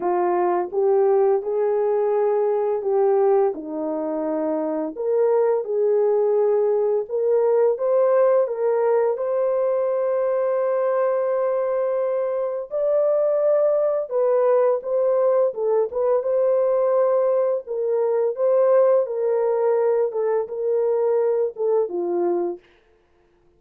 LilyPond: \new Staff \with { instrumentName = "horn" } { \time 4/4 \tempo 4 = 85 f'4 g'4 gis'2 | g'4 dis'2 ais'4 | gis'2 ais'4 c''4 | ais'4 c''2.~ |
c''2 d''2 | b'4 c''4 a'8 b'8 c''4~ | c''4 ais'4 c''4 ais'4~ | ais'8 a'8 ais'4. a'8 f'4 | }